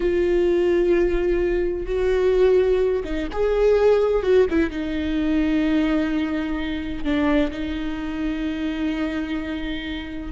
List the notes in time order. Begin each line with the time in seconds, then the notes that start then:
0.00 F4
1.86 F#4
3.04 D#4
3.32 G#4
4.22 F#4
4.49 E4
4.70 D#4
7.03 D4
7.51 D#4